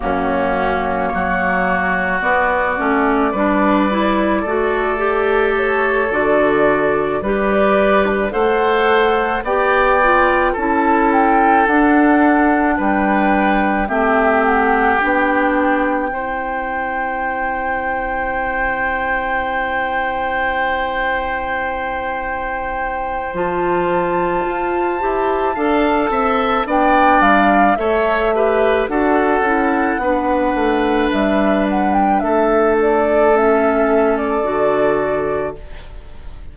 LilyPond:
<<
  \new Staff \with { instrumentName = "flute" } { \time 4/4 \tempo 4 = 54 fis'4 cis''4 d''2~ | d''4 cis''8 d''4 d'16 d''8 d'16 fis''8~ | fis''8 g''4 a''8 g''8 fis''4 g''8~ | g''8 e''8 fis''8 g''2~ g''8~ |
g''1~ | g''4 a''2. | g''8 f''8 e''4 fis''2 | e''8 fis''16 g''16 e''8 d''8 e''8. d''4~ d''16 | }
  \new Staff \with { instrumentName = "oboe" } { \time 4/4 cis'4 fis'2 b'4 | a'2~ a'8 b'4 c''8~ | c''8 d''4 a'2 b'8~ | b'8 g'2 c''4.~ |
c''1~ | c''2. f''8 e''8 | d''4 cis''8 b'8 a'4 b'4~ | b'4 a'2. | }
  \new Staff \with { instrumentName = "clarinet" } { \time 4/4 ais2 b8 cis'8 d'8 e'8 | fis'8 g'4 fis'4 g'4 a'8~ | a'8 g'8 f'8 e'4 d'4.~ | d'8 c'4 d'4 e'4.~ |
e'1~ | e'4 f'4. g'8 a'4 | d'4 a'8 g'8 fis'8 e'8 d'4~ | d'2 cis'4 fis'4 | }
  \new Staff \with { instrumentName = "bassoon" } { \time 4/4 fis,4 fis4 b8 a8 g4 | a4. d4 g4 a8~ | a8 b4 cis'4 d'4 g8~ | g8 a4 b4 c'4.~ |
c'1~ | c'4 f4 f'8 e'8 d'8 c'8 | b8 g8 a4 d'8 cis'8 b8 a8 | g4 a2 d4 | }
>>